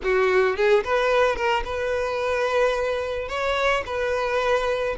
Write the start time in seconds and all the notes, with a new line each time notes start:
0.03 F#4
0.56 G#4
0.84 B4
1.35 A#4
1.64 B4
3.28 C#5
3.86 B4